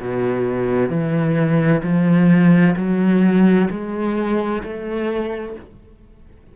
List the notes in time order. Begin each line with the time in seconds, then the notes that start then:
0.00 B2
0.89 E3
1.83 F3
2.76 F#3
3.70 G#3
4.63 A3